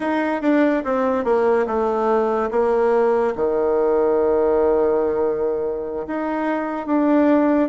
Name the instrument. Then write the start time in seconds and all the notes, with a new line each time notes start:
bassoon
0.00 D#4
0.41 D4
0.84 C4
1.24 A#3
1.66 A3
2.50 A#3
3.35 D#3
6.07 D#4
6.86 D4